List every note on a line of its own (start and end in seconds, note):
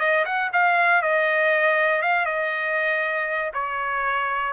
0.00 0.25 D#5
0.25 0.51 F#5
0.53 1.02 F5
1.02 2.02 D#5
2.02 2.26 F5
2.26 3.52 D#5
3.54 4.54 C#5